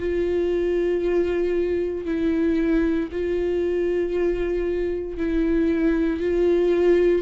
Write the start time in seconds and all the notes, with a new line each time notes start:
0.00 F4
2.06 E4
3.12 F4
5.18 E4
6.21 F4